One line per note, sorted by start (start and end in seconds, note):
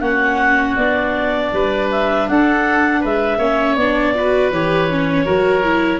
0.00 0.75 A#3
0.00 0.77 C#4
0.00 1.51 F#4
0.00 0.75 F#5
0.75 1.51 B3
0.75 3.40 D4
0.75 1.88 D5
1.52 2.27 G3
1.52 2.29 B4
1.91 2.28 E5
2.28 3.04 D4
2.28 3.00 A4
2.28 3.03 F#5
3.00 3.38 G#3
3.00 3.37 B4
3.00 3.75 E5
3.38 3.75 A#3
3.38 3.78 C#4
3.38 4.13 C#5
3.75 4.51 B3
3.75 4.14 D4
3.75 4.50 D5
4.14 4.52 F#4
4.14 5.25 B4
4.51 5.26 E3
4.51 4.90 G4
4.51 6.00 C#5
4.90 5.25 C#4
5.25 6.00 F#3
5.25 5.62 F#4
5.25 6.00 A#4
5.63 6.00 E4